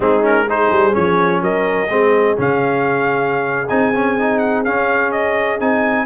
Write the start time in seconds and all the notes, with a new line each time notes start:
0.00 G#3 C4 D#4 G#4
0.22 C#4 A#4
0.48 D#4 G#4 C5
0.71 G3
0.92 F3 C#4 C#5
1.41 F#3 A#4 D#5
1.89 G#3 C4 G#4
2.36 C#3 C#4 F5
3.68 C4 D#4 G#5
3.95 C#4
4.18 D#4
4.38 F#5
4.64 C#4 F5
5.11 D#5
5.59 C4 D#4 G#5